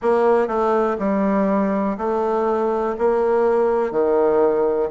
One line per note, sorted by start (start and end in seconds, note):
0.02 0.47 A#3
0.47 0.97 A3
0.98 1.97 G3
1.97 2.96 A3
2.98 3.91 A#3
3.91 4.89 D#3